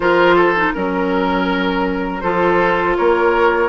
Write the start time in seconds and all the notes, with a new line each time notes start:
0.00 F3 F4 A#4 C5
0.35 A4
0.56 D#4
0.73 F#3 C#4 A#4
2.21 F3 F4 A4 C5
2.96 A#3 A#4 C#5